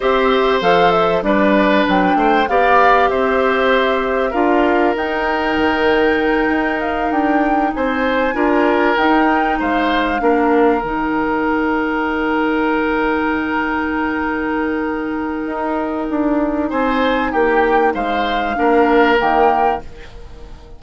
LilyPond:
<<
  \new Staff \with { instrumentName = "flute" } { \time 4/4 \tempo 4 = 97 e''4 f''8 e''8 d''4 g''4 | f''4 e''2 f''4 | g''2. f''8 g''8~ | g''8 gis''2 g''4 f''8~ |
f''4. g''2~ g''8~ | g''1~ | g''2. gis''4 | g''4 f''2 g''4 | }
  \new Staff \with { instrumentName = "oboe" } { \time 4/4 c''2 b'4. c''8 | d''4 c''2 ais'4~ | ais'1~ | ais'8 c''4 ais'2 c''8~ |
c''8 ais'2.~ ais'8~ | ais'1~ | ais'2. c''4 | g'4 c''4 ais'2 | }
  \new Staff \with { instrumentName = "clarinet" } { \time 4/4 g'4 a'4 d'2 | g'2. f'4 | dis'1~ | dis'4. f'4 dis'4.~ |
dis'8 d'4 dis'2~ dis'8~ | dis'1~ | dis'1~ | dis'2 d'4 ais4 | }
  \new Staff \with { instrumentName = "bassoon" } { \time 4/4 c'4 f4 g4 fis8 a8 | b4 c'2 d'4 | dis'4 dis4. dis'4 d'8~ | d'8 c'4 d'4 dis'4 gis8~ |
gis8 ais4 dis2~ dis8~ | dis1~ | dis4 dis'4 d'4 c'4 | ais4 gis4 ais4 dis4 | }
>>